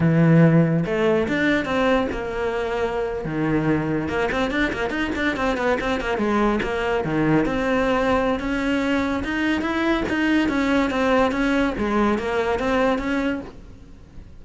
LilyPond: \new Staff \with { instrumentName = "cello" } { \time 4/4 \tempo 4 = 143 e2 a4 d'4 | c'4 ais2~ ais8. dis16~ | dis4.~ dis16 ais8 c'8 d'8 ais8 dis'16~ | dis'16 d'8 c'8 b8 c'8 ais8 gis4 ais16~ |
ais8. dis4 c'2~ c'16 | cis'2 dis'4 e'4 | dis'4 cis'4 c'4 cis'4 | gis4 ais4 c'4 cis'4 | }